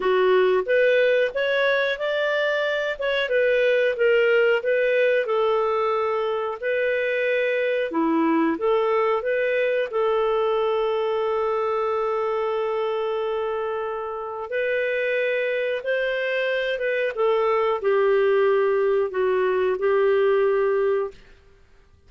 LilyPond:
\new Staff \with { instrumentName = "clarinet" } { \time 4/4 \tempo 4 = 91 fis'4 b'4 cis''4 d''4~ | d''8 cis''8 b'4 ais'4 b'4 | a'2 b'2 | e'4 a'4 b'4 a'4~ |
a'1~ | a'2 b'2 | c''4. b'8 a'4 g'4~ | g'4 fis'4 g'2 | }